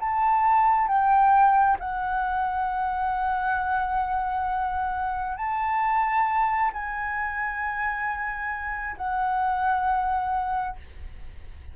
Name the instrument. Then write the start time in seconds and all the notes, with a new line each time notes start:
flute
0.00 A5
0.88 G5
1.80 F#5
5.37 A5
6.73 G#5
8.97 F#5